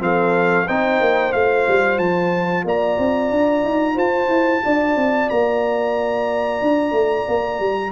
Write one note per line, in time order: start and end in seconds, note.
0.00 0.67 F3
0.00 0.66 C4
0.00 0.67 A4
0.00 0.68 F5
0.67 1.01 C4
0.67 1.34 D#4
0.67 2.65 C5
0.67 1.33 G5
1.01 1.34 A#3
1.33 1.67 A3
1.33 7.92 F4
1.33 1.99 F5
1.68 1.99 G3
1.99 2.65 F3
1.99 2.65 A5
2.65 2.98 A#3
2.65 3.95 D5
2.65 3.99 A#5
2.99 3.31 C4
3.31 3.64 D4
3.65 3.97 D#4
3.95 4.29 F4
3.95 4.61 C5
3.95 5.29 A5
4.29 4.62 E4
4.65 4.96 D4
4.65 7.92 D5
4.96 5.29 C4
5.29 6.62 A#3
5.29 7.92 A#5
6.62 6.92 D4
6.92 7.25 A3
7.28 7.60 A#3
7.60 7.92 G3